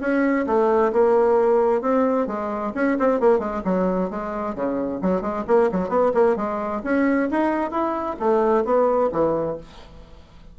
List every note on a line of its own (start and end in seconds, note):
0.00 0.45 C#4
0.46 0.92 A3
0.92 1.81 A#3
1.81 2.27 C4
2.27 2.72 G#3
2.74 2.97 C#4
2.99 3.20 C4
3.20 3.39 A#3
3.39 3.61 G#3
3.64 4.10 F#3
4.10 4.55 G#3
4.55 5.00 C#3
5.02 5.21 F#3
5.21 5.44 G#3
5.47 5.70 A#3
5.71 5.89 F#3
5.89 6.11 B3
6.14 6.36 A#3
6.36 6.81 G#3
6.84 7.29 C#4
7.30 7.70 D#4
7.70 8.16 E4
8.19 8.64 A3
8.64 9.10 B3
9.12 9.57 E3